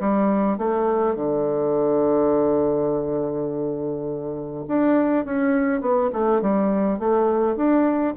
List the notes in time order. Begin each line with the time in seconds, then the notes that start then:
0.00 G3
0.58 A3
1.16 D3
4.68 D4
5.26 C#4
5.81 B3
6.13 A3
6.42 G3
7.00 A3
7.56 D4